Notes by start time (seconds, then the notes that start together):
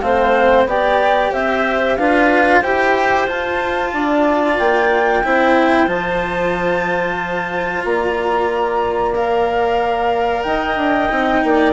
0.00 A3 C4 C5 F5
0.65 B3 G4 D5 G5
1.32 C4 C5 E5
1.96 D4 F4 B4 F5
2.60 E4 G4 C5 G5
3.27 F4 A5
3.93 D4 D5
4.59 A#3 G5
5.24 C4 E4 C5
5.87 F3 F4 A5
7.84 A#3 D5 A#5
9.15 A#4 F5
10.42 D#4 D#5 G5
10.76 D4
11.09 C4 D#4
11.43 A#3 D5